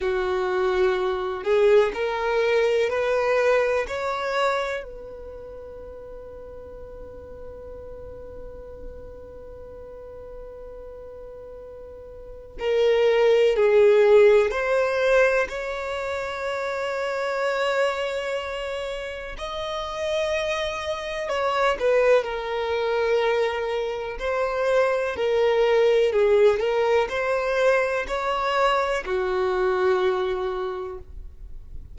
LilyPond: \new Staff \with { instrumentName = "violin" } { \time 4/4 \tempo 4 = 62 fis'4. gis'8 ais'4 b'4 | cis''4 b'2.~ | b'1~ | b'4 ais'4 gis'4 c''4 |
cis''1 | dis''2 cis''8 b'8 ais'4~ | ais'4 c''4 ais'4 gis'8 ais'8 | c''4 cis''4 fis'2 | }